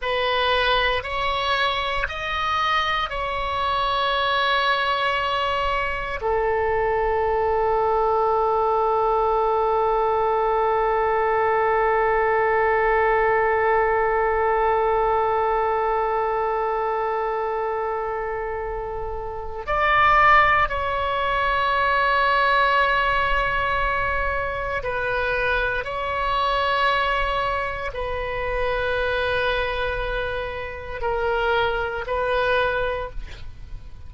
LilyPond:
\new Staff \with { instrumentName = "oboe" } { \time 4/4 \tempo 4 = 58 b'4 cis''4 dis''4 cis''4~ | cis''2 a'2~ | a'1~ | a'1~ |
a'2. d''4 | cis''1 | b'4 cis''2 b'4~ | b'2 ais'4 b'4 | }